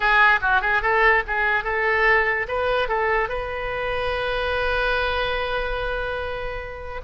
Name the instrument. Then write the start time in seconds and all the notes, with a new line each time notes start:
oboe
0.00 G#4
0.41 F#4
0.61 G#4
0.82 A4
1.27 G#4
1.64 A4
2.48 B4
2.88 A4
3.28 B4